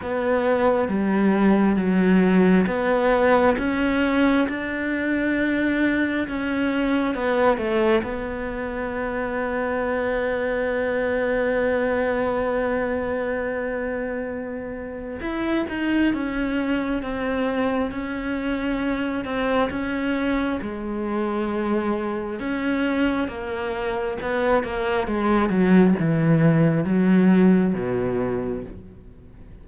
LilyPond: \new Staff \with { instrumentName = "cello" } { \time 4/4 \tempo 4 = 67 b4 g4 fis4 b4 | cis'4 d'2 cis'4 | b8 a8 b2.~ | b1~ |
b4 e'8 dis'8 cis'4 c'4 | cis'4. c'8 cis'4 gis4~ | gis4 cis'4 ais4 b8 ais8 | gis8 fis8 e4 fis4 b,4 | }